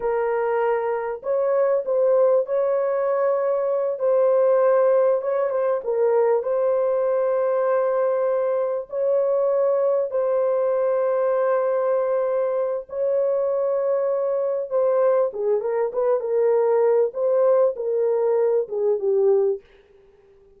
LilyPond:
\new Staff \with { instrumentName = "horn" } { \time 4/4 \tempo 4 = 98 ais'2 cis''4 c''4 | cis''2~ cis''8 c''4.~ | c''8 cis''8 c''8 ais'4 c''4.~ | c''2~ c''8 cis''4.~ |
cis''8 c''2.~ c''8~ | c''4 cis''2. | c''4 gis'8 ais'8 b'8 ais'4. | c''4 ais'4. gis'8 g'4 | }